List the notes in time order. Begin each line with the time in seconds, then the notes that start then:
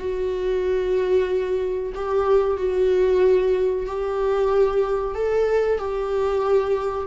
0.00 F#4
1.95 G4
2.57 F#4
3.87 G4
5.15 A4
5.79 G4